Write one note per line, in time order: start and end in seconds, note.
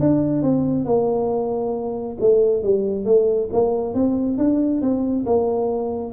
0.00 0.42 D4
0.42 0.85 C4
0.85 2.17 A#3
2.20 2.63 A3
2.63 3.05 G3
3.05 3.49 A3
3.53 3.94 A#3
3.94 4.38 C4
4.38 4.81 D4
4.81 5.25 C4
5.26 6.13 A#3